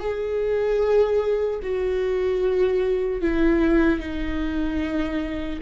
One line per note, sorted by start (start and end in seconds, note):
0.00 1.60 G#4
1.63 3.22 F#4
3.22 4.00 E4
4.00 5.60 D#4